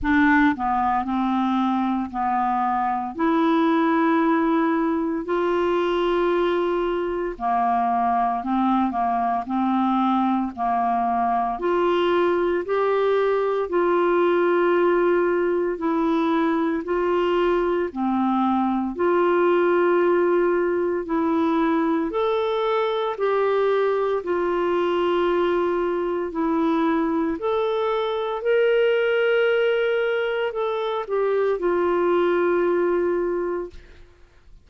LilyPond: \new Staff \with { instrumentName = "clarinet" } { \time 4/4 \tempo 4 = 57 d'8 b8 c'4 b4 e'4~ | e'4 f'2 ais4 | c'8 ais8 c'4 ais4 f'4 | g'4 f'2 e'4 |
f'4 c'4 f'2 | e'4 a'4 g'4 f'4~ | f'4 e'4 a'4 ais'4~ | ais'4 a'8 g'8 f'2 | }